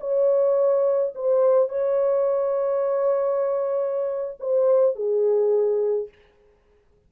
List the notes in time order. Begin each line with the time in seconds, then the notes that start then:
0.00 C#5
1.14 C5
1.69 C#5
4.40 C5
4.95 G#4